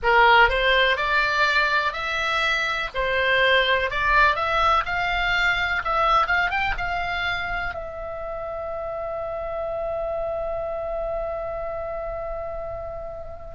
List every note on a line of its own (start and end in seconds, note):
0.02 0.49 A#4
0.49 0.96 C5
0.96 1.93 D5
1.93 2.89 E5
2.94 3.90 C5
3.90 4.35 D5
4.35 4.84 E5
4.85 5.82 F5
5.84 6.26 E5
6.26 6.50 F5
6.50 6.74 G5
6.77 7.74 F5
7.74 13.54 E5